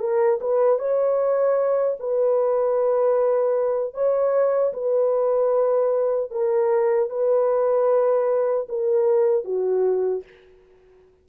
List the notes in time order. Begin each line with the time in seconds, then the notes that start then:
0.00 A#4
0.41 B4
0.79 C#5
2.00 B4
3.94 C#5
4.73 B4
6.31 A#4
7.10 B4
8.69 A#4
9.44 F#4